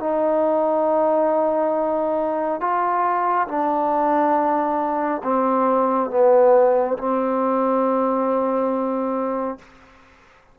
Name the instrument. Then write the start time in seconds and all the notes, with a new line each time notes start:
trombone
0.00 D#4
2.60 F4
3.48 D4
5.23 C4
6.11 B3
6.98 C4